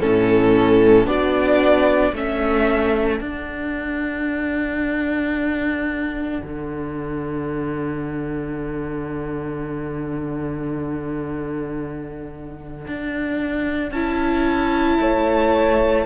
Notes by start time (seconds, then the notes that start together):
0.00 A2 C#4 A4
1.04 B3 D4 F#4 D5
2.13 A3 C#4 A4 E5
3.20 D4 F#5
6.43 D3
12.87 D4
13.91 C#4 E4 A5
14.98 A3 C#5